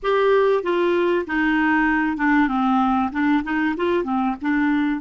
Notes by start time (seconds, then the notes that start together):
0.02 G4
0.63 F4
1.26 D#4
2.17 D4
2.48 C4
3.11 D4
3.43 D#4
3.76 F4
4.04 C4
4.41 D4